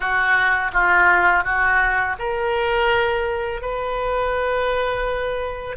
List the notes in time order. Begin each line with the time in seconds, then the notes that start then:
0.00 F#4
0.72 F4
1.44 F#4
2.18 A#4
3.61 B4